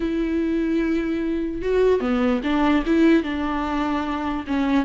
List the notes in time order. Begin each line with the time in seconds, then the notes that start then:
0.00 E4
1.61 F#4
2.00 B3
2.43 D4
2.86 E4
3.23 D4
4.47 C#4